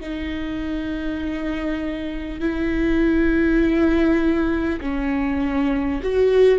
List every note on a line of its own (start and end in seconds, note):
0.00 2.39 D#4
2.39 4.79 E4
4.80 6.00 C#4
6.03 6.58 F#4